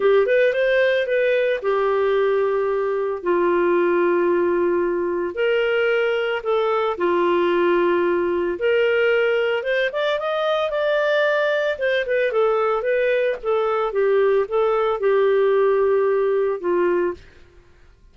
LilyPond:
\new Staff \with { instrumentName = "clarinet" } { \time 4/4 \tempo 4 = 112 g'8 b'8 c''4 b'4 g'4~ | g'2 f'2~ | f'2 ais'2 | a'4 f'2. |
ais'2 c''8 d''8 dis''4 | d''2 c''8 b'8 a'4 | b'4 a'4 g'4 a'4 | g'2. f'4 | }